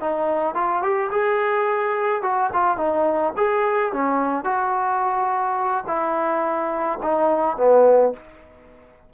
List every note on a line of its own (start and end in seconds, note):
0.00 0.55 D#4
0.55 0.82 F4
0.82 1.10 G4
1.11 2.22 G#4
2.22 2.50 F#4
2.53 2.77 F4
2.77 3.33 D#4
3.36 3.92 G#4
3.92 4.44 C#4
4.44 5.84 F#4
5.87 6.99 E4
7.02 7.57 D#4
7.57 8.13 B3